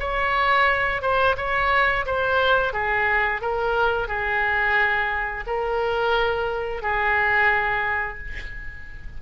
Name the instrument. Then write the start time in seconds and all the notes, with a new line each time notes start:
oboe
0.00 C#5
1.02 C5
1.38 C#5
2.06 C5
2.74 G#4
3.42 A#4
4.08 G#4
5.47 A#4
6.82 G#4